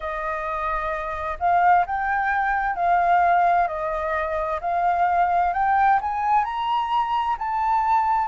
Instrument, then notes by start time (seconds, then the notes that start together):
flute
0.00 D#5
1.39 F5
1.85 G5
2.75 F5
3.67 D#5
4.60 F5
5.53 G5
6.01 G#5
6.44 A#5
7.38 A5